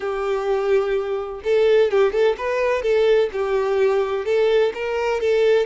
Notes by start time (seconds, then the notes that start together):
0.00 G4
1.44 A4
1.91 G4
2.12 A4
2.37 B4
2.82 A4
3.32 G4
4.25 A4
4.74 A#4
5.20 A4